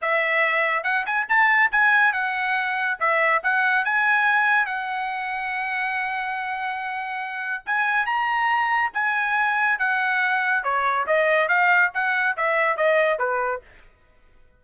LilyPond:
\new Staff \with { instrumentName = "trumpet" } { \time 4/4 \tempo 4 = 141 e''2 fis''8 gis''8 a''4 | gis''4 fis''2 e''4 | fis''4 gis''2 fis''4~ | fis''1~ |
fis''2 gis''4 ais''4~ | ais''4 gis''2 fis''4~ | fis''4 cis''4 dis''4 f''4 | fis''4 e''4 dis''4 b'4 | }